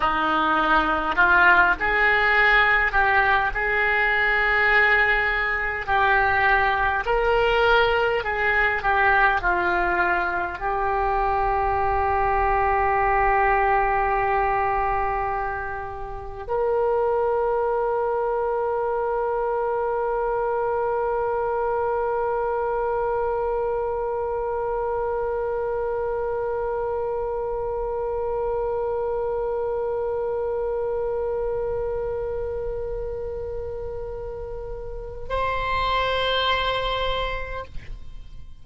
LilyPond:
\new Staff \with { instrumentName = "oboe" } { \time 4/4 \tempo 4 = 51 dis'4 f'8 gis'4 g'8 gis'4~ | gis'4 g'4 ais'4 gis'8 g'8 | f'4 g'2.~ | g'2 ais'2~ |
ais'1~ | ais'1~ | ais'1~ | ais'2 c''2 | }